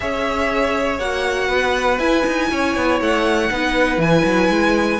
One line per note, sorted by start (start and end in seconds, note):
0.00 0.99 C#4
0.00 0.99 G#4
0.00 1.47 C#5
0.00 0.99 E5
0.99 1.49 A#3
0.99 1.99 F#4
0.99 1.99 F#5
1.47 1.98 B3
1.47 2.47 B4
1.98 2.23 E4
1.98 3.50 E4
1.98 2.99 G#5
2.26 2.51 D#4
2.51 2.75 C#4
2.51 3.51 C#5
2.75 3.00 B3
3.00 3.50 A3
3.00 4.01 F#5
3.50 3.97 B3
3.50 3.99 D#4
3.50 5.00 B4
3.97 4.22 E3
3.97 4.99 E4
3.97 5.00 G#5
4.24 4.49 F#3
4.49 4.99 G#3